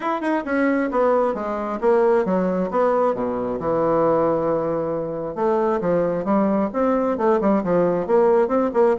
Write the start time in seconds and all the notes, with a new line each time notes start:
0.00 E4
0.21 D#4
0.45 C#4
0.91 B3
1.34 G#3
1.81 A#3
2.25 F#3
2.70 B3
3.14 B2
3.59 E3
5.35 A3
5.80 F3
6.25 G3
6.73 C4
7.17 A3
7.41 G3
7.63 F3
8.06 A#3
8.48 C4
8.73 A#3